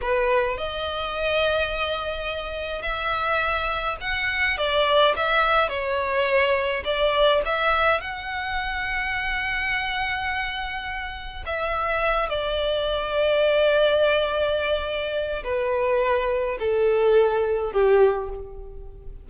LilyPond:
\new Staff \with { instrumentName = "violin" } { \time 4/4 \tempo 4 = 105 b'4 dis''2.~ | dis''4 e''2 fis''4 | d''4 e''4 cis''2 | d''4 e''4 fis''2~ |
fis''1 | e''4. d''2~ d''8~ | d''2. b'4~ | b'4 a'2 g'4 | }